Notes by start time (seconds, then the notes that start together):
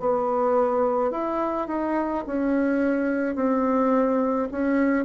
0.00 B3
1.11 E4
1.68 D#4
2.26 C#4
3.36 C4
4.51 C#4